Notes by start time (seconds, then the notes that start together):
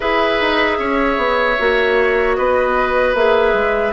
0.00 E4 G#4 B4 E5
0.40 D#4
0.79 C#4 C#5
1.17 B3
1.58 A#3 F#4
2.35 B3 B4 D#5
3.14 A#3 G#4 E5
3.53 G#3